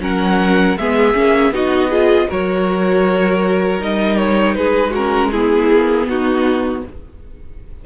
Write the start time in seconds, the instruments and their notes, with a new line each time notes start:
0.00 cello F#3, viola C#4, violin A#4 F#5
0.77 cello G#3, viola B3, violin G#4 E5
1.14 cello A#3, viola C#4
1.50 cello B3, viola D#4, violin F#4 D#5
1.89 viola F4, violin G#4
2.28 cello F#3, viola F#4, violin A#4 C#5
3.79 cello G3, viola D#4, violin D#5
4.17 violin C#5
4.55 cello G#3, violin G#4 B4
4.91 viola C#4, violin F#4 A#4
5.31 viola B3, violin E4 G#4
5.72 cello A#3
6.06 cello B3, violin D#4 F#4